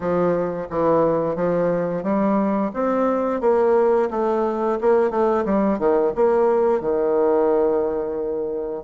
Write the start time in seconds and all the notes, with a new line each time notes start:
0.00 F3
0.69 E3
1.35 F3
2.03 G3
2.73 C4
3.41 A#3
4.10 A3
4.80 A#3
5.10 A3
5.45 G3
5.78 D#3
6.15 A#3
6.80 D#3